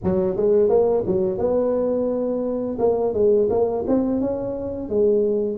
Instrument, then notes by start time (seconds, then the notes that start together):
tuba
0.03 F#3
0.36 G#3
0.69 A#3
1.06 F#3
1.38 B3
2.78 A#3
3.13 G#3
3.49 A#3
3.87 C4
4.20 C#4
4.89 G#3